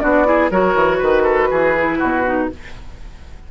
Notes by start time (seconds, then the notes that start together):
0.00 B3 D4 F#4 D5
0.25 E4 G#4
0.51 F#3 F#4 A#4 C#5
0.75 E3
0.98 D#3 B4
1.23 A4
1.51 E3 G#4
1.77 E4
1.99 B2 F#4
2.25 D#4